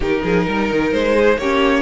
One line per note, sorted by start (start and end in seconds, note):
0.00 0.21 D#3
0.00 1.39 D#4
0.00 0.22 G4
0.00 0.92 A#4
0.23 0.46 F3
0.23 0.46 G#4
0.47 0.70 G3
0.47 1.14 A#4
0.71 0.92 D#3
0.92 1.37 G#3
0.92 1.38 C5
1.14 1.37 G#4
1.37 1.82 A#3
1.37 1.82 C#4
1.37 1.82 G4
1.37 1.82 C#5